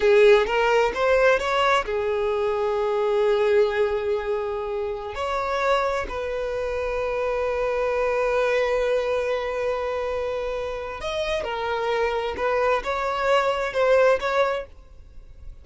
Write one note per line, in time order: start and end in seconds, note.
0.00 0.46 G#4
0.46 0.92 A#4
0.94 1.39 C5
1.39 1.84 C#5
1.85 5.14 G#4
5.14 6.06 C#5
6.08 11.00 B4
11.00 11.43 D#5
11.43 12.35 A#4
12.36 12.82 B4
12.83 13.73 C#5
13.73 14.19 C5
14.20 14.65 C#5